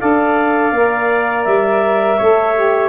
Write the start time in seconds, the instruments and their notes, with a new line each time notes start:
0.00 tuba D4, saxophone A4, trumpet D5, clarinet F5
0.72 tuba A#3, saxophone A#4
1.45 tuba G3, clarinet E5
2.18 tuba A3, saxophone A4, trumpet C#5
2.55 saxophone G4